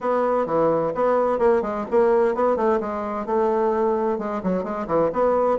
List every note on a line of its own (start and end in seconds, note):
0.00 0.46 B3
0.46 0.92 E3
0.94 1.38 B3
1.38 1.62 A#3
1.62 1.85 G#3
1.90 2.34 A#3
2.34 2.56 B3
2.56 2.79 A3
2.80 3.26 G#3
3.26 4.18 A3
4.18 4.41 G#3
4.43 4.63 F#3
4.63 4.86 G#3
4.87 5.10 E3
5.12 5.58 B3